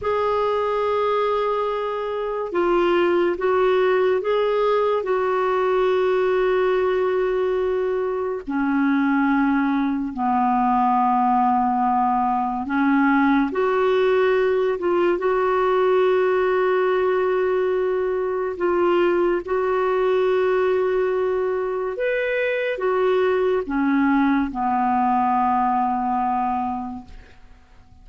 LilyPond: \new Staff \with { instrumentName = "clarinet" } { \time 4/4 \tempo 4 = 71 gis'2. f'4 | fis'4 gis'4 fis'2~ | fis'2 cis'2 | b2. cis'4 |
fis'4. f'8 fis'2~ | fis'2 f'4 fis'4~ | fis'2 b'4 fis'4 | cis'4 b2. | }